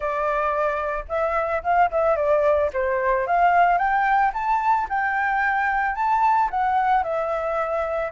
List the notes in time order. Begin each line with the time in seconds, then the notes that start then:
0.00 D5
1.08 E5
1.63 F5
1.91 E5
2.16 D5
2.73 C5
3.26 F5
3.78 G5
4.33 A5
4.89 G5
5.95 A5
6.50 F#5
7.03 E5